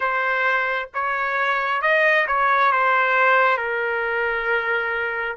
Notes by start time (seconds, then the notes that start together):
0.00 C5
0.94 C#5
1.82 D#5
2.27 C#5
2.72 C5
3.57 A#4